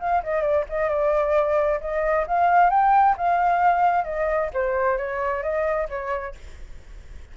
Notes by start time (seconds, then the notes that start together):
0.00 F5
0.24 D#5
0.42 D5
0.69 D#5
0.89 D5
1.81 D#5
2.27 F5
2.70 G5
3.17 F5
4.05 D#5
4.54 C5
4.98 C#5
5.43 D#5
5.89 C#5